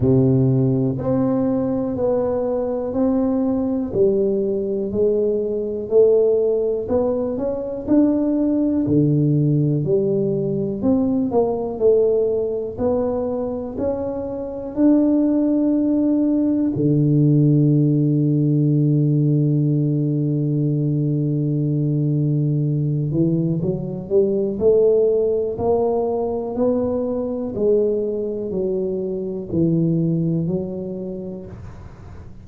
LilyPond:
\new Staff \with { instrumentName = "tuba" } { \time 4/4 \tempo 4 = 61 c4 c'4 b4 c'4 | g4 gis4 a4 b8 cis'8 | d'4 d4 g4 c'8 ais8 | a4 b4 cis'4 d'4~ |
d'4 d2.~ | d2.~ d8 e8 | fis8 g8 a4 ais4 b4 | gis4 fis4 e4 fis4 | }